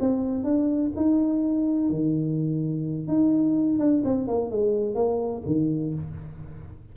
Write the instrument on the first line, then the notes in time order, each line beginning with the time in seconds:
tuba
0.00 C4
0.44 D4
0.96 D#4
1.90 D#3
3.08 D#4
3.79 D4
4.05 C4
4.28 A#3
4.51 G#3
4.95 A#3
5.46 D#3